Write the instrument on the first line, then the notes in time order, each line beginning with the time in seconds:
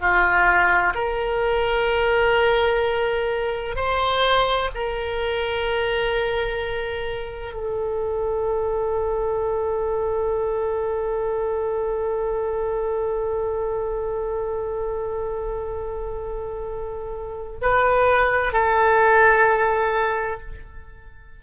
oboe
0.00 F4
0.95 A#4
3.76 C5
4.75 A#4
7.53 A4
17.62 B4
18.53 A4